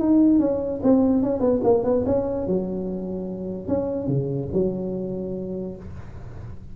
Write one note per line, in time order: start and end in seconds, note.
0.00 0.40 D#4
0.40 0.81 C#4
0.83 1.23 C4
1.23 1.41 C#4
1.41 1.61 B3
1.64 1.85 A#3
1.85 2.05 B3
2.06 2.47 C#4
2.47 3.68 F#3
3.68 4.08 C#4
4.08 4.49 C#3
4.53 5.77 F#3